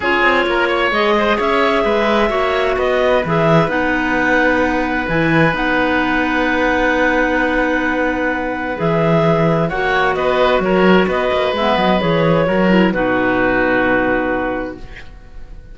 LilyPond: <<
  \new Staff \with { instrumentName = "clarinet" } { \time 4/4 \tempo 4 = 130 cis''2 dis''4 e''4~ | e''2 dis''4 e''4 | fis''2. gis''4 | fis''1~ |
fis''2. e''4~ | e''4 fis''4 dis''4 cis''4 | dis''4 e''8 dis''8 cis''2 | b'1 | }
  \new Staff \with { instrumentName = "oboe" } { \time 4/4 gis'4 ais'8 cis''4 c''8 cis''4 | b'4 cis''4 b'2~ | b'1~ | b'1~ |
b'1~ | b'4 cis''4 b'4 ais'4 | b'2. ais'4 | fis'1 | }
  \new Staff \with { instrumentName = "clarinet" } { \time 4/4 f'2 gis'2~ | gis'4 fis'2 gis'4 | dis'2. e'4 | dis'1~ |
dis'2. gis'4~ | gis'4 fis'2.~ | fis'4 b4 gis'4 fis'8 e'8 | dis'1 | }
  \new Staff \with { instrumentName = "cello" } { \time 4/4 cis'8 c'8 ais4 gis4 cis'4 | gis4 ais4 b4 e4 | b2. e4 | b1~ |
b2. e4~ | e4 ais4 b4 fis4 | b8 ais8 gis8 fis8 e4 fis4 | b,1 | }
>>